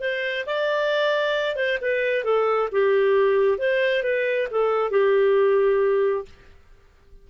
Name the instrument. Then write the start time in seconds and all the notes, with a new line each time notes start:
clarinet
0.00 C5
0.46 D5
1.56 C5
1.82 B4
2.24 A4
2.72 G4
3.58 C5
4.03 B4
4.51 A4
4.91 G4